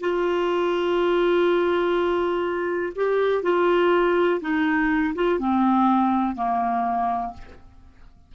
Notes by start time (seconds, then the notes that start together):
0.00 F4
2.95 G4
3.43 F4
4.40 D#4
5.14 F4
5.39 C4
6.35 A#3